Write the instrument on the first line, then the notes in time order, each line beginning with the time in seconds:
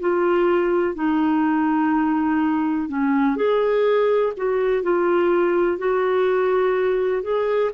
clarinet
0.00 F4
0.95 D#4
2.89 C#4
3.36 G#4
4.37 F#4
4.83 F4
5.78 F#4
7.22 G#4